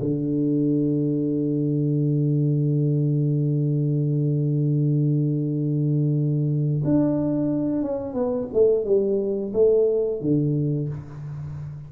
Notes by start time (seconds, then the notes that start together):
0.00 D3
6.85 D4
7.82 C#4
8.14 B3
8.53 A3
8.85 G3
9.53 A3
10.21 D3